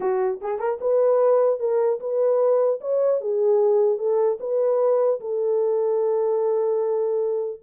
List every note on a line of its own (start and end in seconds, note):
0.00 0.40 F#4
0.41 0.59 G#4
0.59 0.79 A#4
0.80 1.59 B4
1.59 1.99 A#4
2.00 2.80 B4
2.81 3.20 C#5
3.20 3.98 G#4
3.98 4.38 A4
4.39 5.19 B4
5.20 7.60 A4